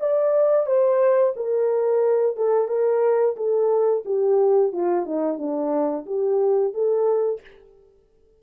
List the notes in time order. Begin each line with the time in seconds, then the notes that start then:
0.00 D5
0.66 C5
1.36 A#4
2.36 A4
2.68 A#4
3.36 A4
4.05 G4
4.72 F4
5.06 D#4
5.38 D4
6.06 G4
6.73 A4